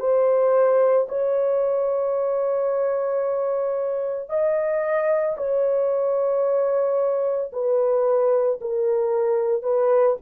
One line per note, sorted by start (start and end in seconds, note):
0.00 1.07 C5
1.08 4.29 C#5
4.29 5.36 D#5
5.37 7.51 C#5
7.52 8.60 B4
8.61 9.63 A#4
9.63 10.16 B4